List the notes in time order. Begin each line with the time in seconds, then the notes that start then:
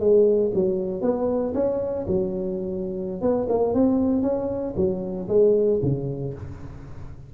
0.00 G#3
0.55 F#3
1.02 B3
1.54 C#4
2.08 F#3
3.22 B3
3.49 A#3
3.74 C4
4.23 C#4
4.76 F#3
5.29 G#3
5.82 C#3